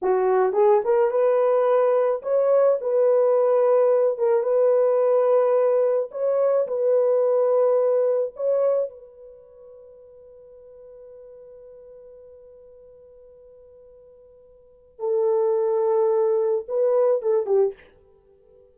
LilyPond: \new Staff \with { instrumentName = "horn" } { \time 4/4 \tempo 4 = 108 fis'4 gis'8 ais'8 b'2 | cis''4 b'2~ b'8 ais'8 | b'2. cis''4 | b'2. cis''4 |
b'1~ | b'1~ | b'2. a'4~ | a'2 b'4 a'8 g'8 | }